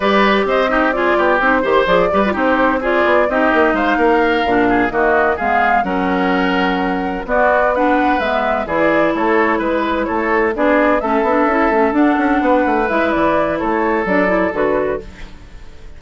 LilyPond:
<<
  \new Staff \with { instrumentName = "flute" } { \time 4/4 \tempo 4 = 128 d''4 dis''4 d''4 c''4 | d''4 c''4 d''4 dis''4 | f''2~ f''8 dis''4 f''8~ | f''8 fis''2. d''8~ |
d''8 fis''4 e''4 d''4 cis''8~ | cis''8 b'4 cis''4 d''4 e''8~ | e''4. fis''2 e''8 | d''4 cis''4 d''4 b'4 | }
  \new Staff \with { instrumentName = "oboe" } { \time 4/4 b'4 c''8 g'8 gis'8 g'4 c''8~ | c''8 b'8 g'4 gis'4 g'4 | c''8 ais'4. gis'8 fis'4 gis'8~ | gis'8 ais'2. fis'8~ |
fis'8 b'2 gis'4 a'8~ | a'8 b'4 a'4 gis'4 a'8~ | a'2~ a'8 b'4.~ | b'4 a'2. | }
  \new Staff \with { instrumentName = "clarinet" } { \time 4/4 g'4. dis'8 f'4 dis'8 g'8 | gis'8 g'16 f'16 dis'4 f'4 dis'4~ | dis'4. d'4 ais4 b8~ | b8 cis'2. b8~ |
b8 d'4 b4 e'4.~ | e'2~ e'8 d'4 cis'8 | d'8 e'8 cis'8 d'2 e'8~ | e'2 d'8 e'8 fis'4 | }
  \new Staff \with { instrumentName = "bassoon" } { \time 4/4 g4 c'4. b8 c'8 dis8 | f8 g8 c'4. b8 c'8 ais8 | gis8 ais4 ais,4 dis4 gis8~ | gis8 fis2. b8~ |
b4. gis4 e4 a8~ | a8 gis4 a4 b4 a8 | b8 cis'8 a8 d'8 cis'8 b8 a8 gis8 | e4 a4 fis4 d4 | }
>>